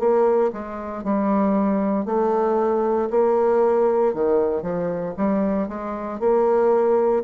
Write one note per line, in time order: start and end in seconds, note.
0.00 0.52 A#3
0.53 1.04 G#3
1.04 2.06 G3
2.06 3.09 A3
3.10 4.14 A#3
4.14 4.63 D#3
4.63 5.14 F3
5.17 5.68 G3
5.68 6.20 G#3
6.20 7.24 A#3